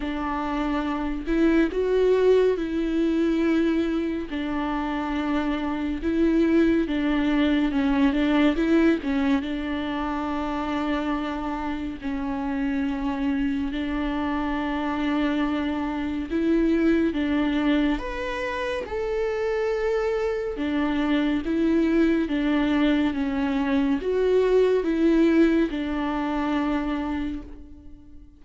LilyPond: \new Staff \with { instrumentName = "viola" } { \time 4/4 \tempo 4 = 70 d'4. e'8 fis'4 e'4~ | e'4 d'2 e'4 | d'4 cis'8 d'8 e'8 cis'8 d'4~ | d'2 cis'2 |
d'2. e'4 | d'4 b'4 a'2 | d'4 e'4 d'4 cis'4 | fis'4 e'4 d'2 | }